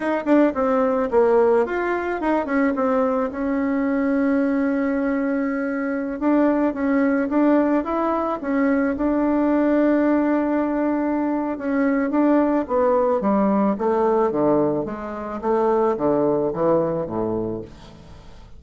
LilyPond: \new Staff \with { instrumentName = "bassoon" } { \time 4/4 \tempo 4 = 109 dis'8 d'8 c'4 ais4 f'4 | dis'8 cis'8 c'4 cis'2~ | cis'2.~ cis'16 d'8.~ | d'16 cis'4 d'4 e'4 cis'8.~ |
cis'16 d'2.~ d'8.~ | d'4 cis'4 d'4 b4 | g4 a4 d4 gis4 | a4 d4 e4 a,4 | }